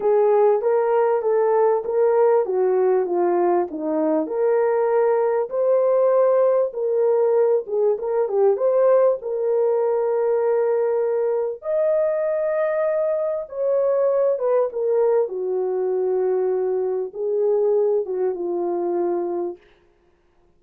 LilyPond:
\new Staff \with { instrumentName = "horn" } { \time 4/4 \tempo 4 = 98 gis'4 ais'4 a'4 ais'4 | fis'4 f'4 dis'4 ais'4~ | ais'4 c''2 ais'4~ | ais'8 gis'8 ais'8 g'8 c''4 ais'4~ |
ais'2. dis''4~ | dis''2 cis''4. b'8 | ais'4 fis'2. | gis'4. fis'8 f'2 | }